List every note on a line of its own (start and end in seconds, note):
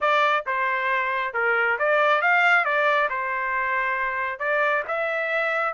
0.00 0.45 D5
0.46 1.33 C5
1.33 1.77 A#4
1.78 2.21 D5
2.21 2.65 F5
2.65 3.09 D5
3.09 4.39 C5
4.39 4.83 D5
4.87 5.73 E5